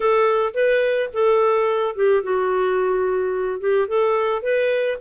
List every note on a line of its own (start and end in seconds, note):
0.00 0.53 A4
0.54 1.09 B4
1.13 1.95 A4
1.95 2.23 G4
2.23 3.60 F#4
3.60 3.87 G4
3.87 4.42 A4
4.42 4.98 B4